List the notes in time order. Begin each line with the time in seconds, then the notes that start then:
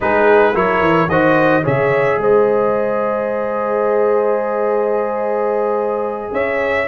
0.00 G#3 D#4 G#4 B4
0.53 F#3 E4 A#4 C#5
0.79 E3
1.07 D#3 F#4 C5 D#5
1.62 C#3 G#4 C#5 E5
2.17 G#3 C5 D#5
6.32 C#4 C#5 E5